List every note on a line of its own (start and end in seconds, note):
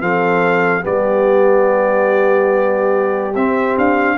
0.00 0.84 F3
0.00 0.81 C4
0.00 0.82 A4
0.00 0.84 F5
0.81 3.35 G3
0.81 3.31 B3
0.81 4.16 G4
0.81 3.35 D5
3.35 3.76 C4
3.35 4.17 C4
3.35 3.77 E5
3.77 4.17 D4
3.77 4.17 F5